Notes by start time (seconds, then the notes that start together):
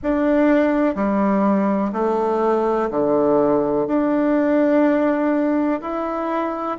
0.02 D4
0.95 G3
1.92 A3
2.90 D3
3.87 D4
5.81 E4